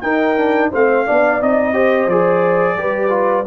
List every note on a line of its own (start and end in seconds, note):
0.00 0.70 D#4
0.00 0.36 D#4
0.00 0.70 A#4
0.00 0.69 G5
0.36 0.71 D4
0.70 1.07 A3
0.70 1.06 C4
0.70 1.05 C5
0.70 1.42 F5
1.06 1.41 B3
1.06 1.41 D4
1.06 1.73 D5
1.41 2.06 C4
1.41 1.73 D#4
1.41 2.09 D#5
1.73 2.07 G4
1.73 2.77 C5
2.06 2.75 F3
2.06 2.77 G#4
2.06 3.46 D5
2.75 3.44 G3
2.75 3.09 G4
2.75 3.46 B4
3.09 3.44 F4